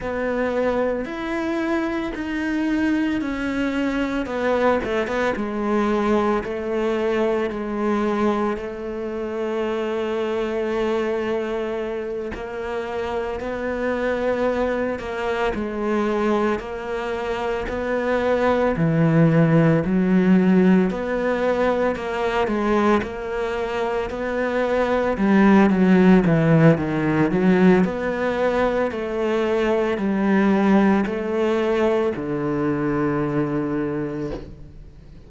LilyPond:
\new Staff \with { instrumentName = "cello" } { \time 4/4 \tempo 4 = 56 b4 e'4 dis'4 cis'4 | b8 a16 b16 gis4 a4 gis4 | a2.~ a8 ais8~ | ais8 b4. ais8 gis4 ais8~ |
ais8 b4 e4 fis4 b8~ | b8 ais8 gis8 ais4 b4 g8 | fis8 e8 dis8 fis8 b4 a4 | g4 a4 d2 | }